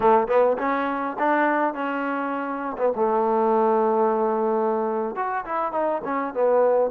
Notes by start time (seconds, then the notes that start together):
0.00 A3
0.27 B3
0.57 C#4
1.18 D4
1.74 C#4
2.77 B3
2.95 A3
5.15 F#4
5.45 E4
5.72 D#4
6.04 C#4
6.33 B3